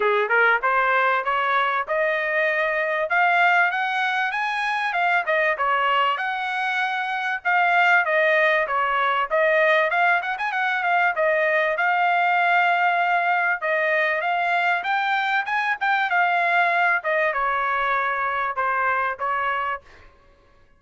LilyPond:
\new Staff \with { instrumentName = "trumpet" } { \time 4/4 \tempo 4 = 97 gis'8 ais'8 c''4 cis''4 dis''4~ | dis''4 f''4 fis''4 gis''4 | f''8 dis''8 cis''4 fis''2 | f''4 dis''4 cis''4 dis''4 |
f''8 fis''16 gis''16 fis''8 f''8 dis''4 f''4~ | f''2 dis''4 f''4 | g''4 gis''8 g''8 f''4. dis''8 | cis''2 c''4 cis''4 | }